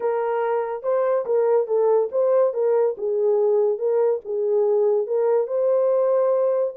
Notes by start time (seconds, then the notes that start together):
0.00 A#4
0.82 C5
1.25 A#4
1.67 A4
2.11 C5
2.53 A#4
2.97 G#4
3.78 A#4
4.24 G#4
5.06 A#4
5.47 C5